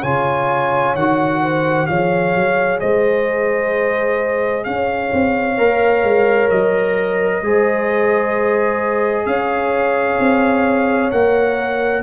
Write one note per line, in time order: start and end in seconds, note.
0.00 0.95 C#3
0.00 0.96 F4
0.00 1.38 C#5
0.00 0.95 G#5
0.95 1.87 D#3
0.95 1.89 F#4
0.95 1.86 F#5
1.42 1.88 C5
1.86 2.35 F3
1.86 5.57 G#4
1.86 2.80 C#5
1.86 2.78 F5
2.35 2.81 F#3
2.80 4.65 G#3
2.80 4.65 C5
2.80 4.64 D#5
4.64 5.12 C#4
4.64 7.43 C#5
4.64 6.48 F5
5.12 5.58 C4
5.57 6.03 A#3
5.57 7.42 A#4
6.03 6.49 G#3
6.50 7.42 F#3
6.50 9.26 D#5
7.42 9.25 G#3
7.42 11.11 G#4
7.42 9.27 C5
9.25 10.18 C#4
9.25 12.02 C#5
9.25 11.10 F5
10.19 11.11 C4
11.11 12.02 A#3
11.11 12.02 A#4
11.11 12.02 F#5